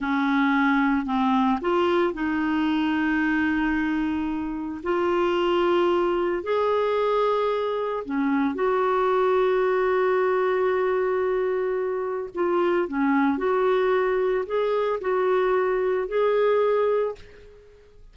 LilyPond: \new Staff \with { instrumentName = "clarinet" } { \time 4/4 \tempo 4 = 112 cis'2 c'4 f'4 | dis'1~ | dis'4 f'2. | gis'2. cis'4 |
fis'1~ | fis'2. f'4 | cis'4 fis'2 gis'4 | fis'2 gis'2 | }